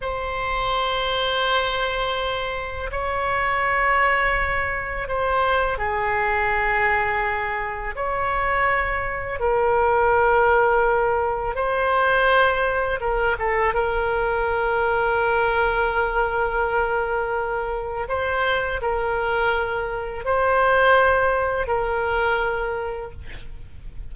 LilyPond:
\new Staff \with { instrumentName = "oboe" } { \time 4/4 \tempo 4 = 83 c''1 | cis''2. c''4 | gis'2. cis''4~ | cis''4 ais'2. |
c''2 ais'8 a'8 ais'4~ | ais'1~ | ais'4 c''4 ais'2 | c''2 ais'2 | }